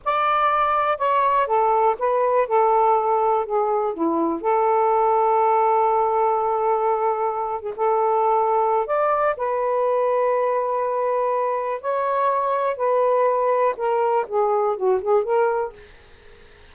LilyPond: \new Staff \with { instrumentName = "saxophone" } { \time 4/4 \tempo 4 = 122 d''2 cis''4 a'4 | b'4 a'2 gis'4 | e'4 a'2.~ | a'2.~ a'8 gis'16 a'16~ |
a'2 d''4 b'4~ | b'1 | cis''2 b'2 | ais'4 gis'4 fis'8 gis'8 ais'4 | }